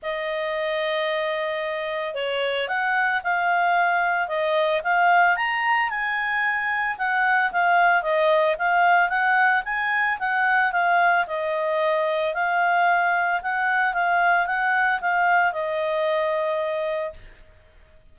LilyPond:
\new Staff \with { instrumentName = "clarinet" } { \time 4/4 \tempo 4 = 112 dis''1 | cis''4 fis''4 f''2 | dis''4 f''4 ais''4 gis''4~ | gis''4 fis''4 f''4 dis''4 |
f''4 fis''4 gis''4 fis''4 | f''4 dis''2 f''4~ | f''4 fis''4 f''4 fis''4 | f''4 dis''2. | }